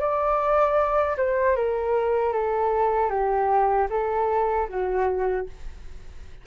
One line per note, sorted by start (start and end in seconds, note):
0.00 1.17 D5
1.18 1.56 C5
1.56 2.33 A#4
2.33 3.11 A4
3.11 3.88 G4
3.90 4.68 A4
4.69 5.47 F#4